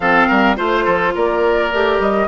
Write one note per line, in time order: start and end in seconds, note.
0.00 0.27 F3
0.00 0.56 C4
0.00 0.27 A4
0.00 0.56 F5
0.27 0.58 G3
0.27 0.56 A#4
0.56 0.86 A3
0.56 1.70 F4
0.56 0.84 C5
0.56 1.15 C5
0.84 1.15 F3
0.84 1.12 A4
1.15 1.73 A#3
1.15 2.28 A#4
1.15 2.01 D5
1.73 1.99 A3
1.73 2.28 G4
1.99 2.27 G3
1.99 2.28 D#5